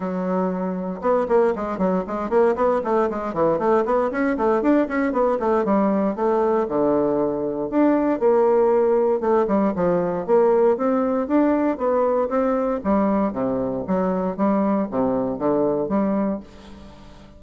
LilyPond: \new Staff \with { instrumentName = "bassoon" } { \time 4/4 \tempo 4 = 117 fis2 b8 ais8 gis8 fis8 | gis8 ais8 b8 a8 gis8 e8 a8 b8 | cis'8 a8 d'8 cis'8 b8 a8 g4 | a4 d2 d'4 |
ais2 a8 g8 f4 | ais4 c'4 d'4 b4 | c'4 g4 c4 fis4 | g4 c4 d4 g4 | }